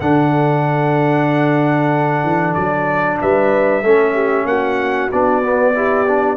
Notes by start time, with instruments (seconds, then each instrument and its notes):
0.00 tuba D3, trombone D4, horn A4, trumpet F#5
2.23 tuba E3
2.54 tuba F#3, trumpet D5
3.21 tuba G3, horn B4, trumpet E5
3.83 tuba A3, trombone C#4, horn A4
4.13 horn G4
4.45 tuba A#3, horn F#4, trumpet F#5
5.12 tuba B3, trombone D4, trumpet D5
5.42 trombone B3
5.74 trombone E4, horn G4
6.07 trombone D4